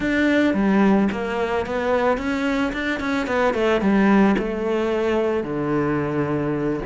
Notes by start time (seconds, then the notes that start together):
0.00 D4
0.54 G3
1.11 A#3
1.66 B3
2.17 C#4
2.72 D4
3.00 C#4
3.27 B3
3.54 A3
3.81 G3
4.38 A3
5.43 D3